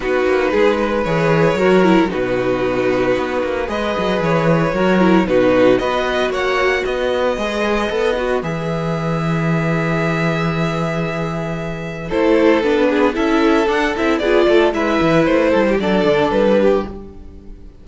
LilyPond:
<<
  \new Staff \with { instrumentName = "violin" } { \time 4/4 \tempo 4 = 114 b'2 cis''2 | b'2. dis''4 | cis''2 b'4 dis''4 | fis''4 dis''2. |
e''1~ | e''2. c''4 | b'4 e''4 fis''8 e''8 d''4 | e''4 c''4 d''4 b'4 | }
  \new Staff \with { instrumentName = "violin" } { \time 4/4 fis'4 gis'8 b'4. ais'4 | fis'2. b'4~ | b'4 ais'4 fis'4 b'4 | cis''4 b'2.~ |
b'1~ | b'2. a'4~ | a'8 gis'8 a'2 gis'8 a'8 | b'4. a'16 g'16 a'4. g'8 | }
  \new Staff \with { instrumentName = "viola" } { \time 4/4 dis'2 gis'4 fis'8 e'8 | dis'2. gis'4~ | gis'4 fis'8 e'8 dis'4 fis'4~ | fis'2 gis'4 a'8 fis'8 |
gis'1~ | gis'2. e'4 | d'4 e'4 d'8 e'8 f'4 | e'2 d'2 | }
  \new Staff \with { instrumentName = "cello" } { \time 4/4 b8 ais8 gis4 e4 fis4 | b,2 b8 ais8 gis8 fis8 | e4 fis4 b,4 b4 | ais4 b4 gis4 b4 |
e1~ | e2. a4 | b4 cis'4 d'8 c'8 b8 a8 | gis8 e8 a8 g8 fis8 d8 g4 | }
>>